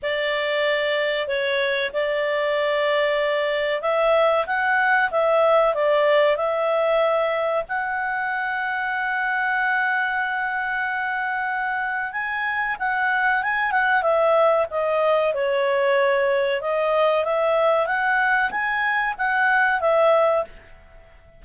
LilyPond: \new Staff \with { instrumentName = "clarinet" } { \time 4/4 \tempo 4 = 94 d''2 cis''4 d''4~ | d''2 e''4 fis''4 | e''4 d''4 e''2 | fis''1~ |
fis''2. gis''4 | fis''4 gis''8 fis''8 e''4 dis''4 | cis''2 dis''4 e''4 | fis''4 gis''4 fis''4 e''4 | }